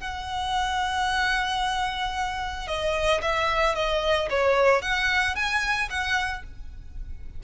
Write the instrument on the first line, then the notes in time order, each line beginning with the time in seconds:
violin
0.00 F#5
2.67 D#5
3.22 E5
3.75 D#5
4.30 C#5
4.82 F#5
5.35 G#5
5.90 F#5